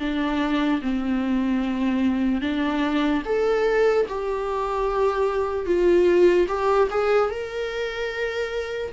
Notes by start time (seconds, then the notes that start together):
0.00 D4
0.82 C4
2.42 D4
3.26 A4
4.09 G4
5.66 F4
6.48 G4
6.91 G#4
7.30 A#4